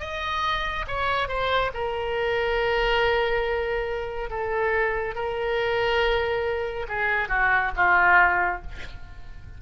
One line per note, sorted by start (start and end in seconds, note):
0.00 0.86 D#5
0.87 1.28 C#5
1.28 1.71 C5
1.74 4.30 A#4
4.30 5.15 A4
5.15 6.86 A#4
6.88 7.29 G#4
7.29 7.71 F#4
7.76 8.62 F4